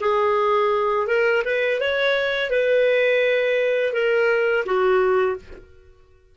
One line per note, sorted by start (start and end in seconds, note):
0.00 1.07 G#4
1.07 1.43 A#4
1.44 1.80 B4
1.80 2.50 C#5
2.50 3.93 B4
3.93 4.64 A#4
4.65 5.36 F#4